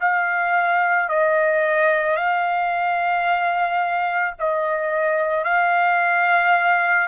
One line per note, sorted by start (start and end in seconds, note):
0.00 1.09 F5
1.09 2.17 D#5
2.17 4.35 F5
4.39 5.44 D#5
5.44 7.08 F5